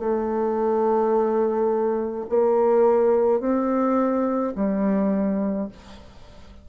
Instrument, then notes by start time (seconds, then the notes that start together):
bassoon
0.00 A3
2.30 A#3
3.41 C4
4.55 G3